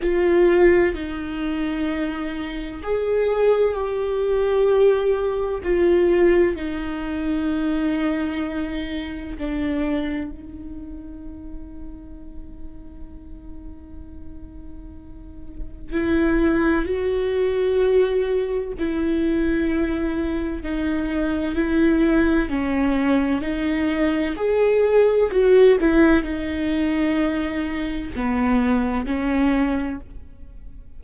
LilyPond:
\new Staff \with { instrumentName = "viola" } { \time 4/4 \tempo 4 = 64 f'4 dis'2 gis'4 | g'2 f'4 dis'4~ | dis'2 d'4 dis'4~ | dis'1~ |
dis'4 e'4 fis'2 | e'2 dis'4 e'4 | cis'4 dis'4 gis'4 fis'8 e'8 | dis'2 b4 cis'4 | }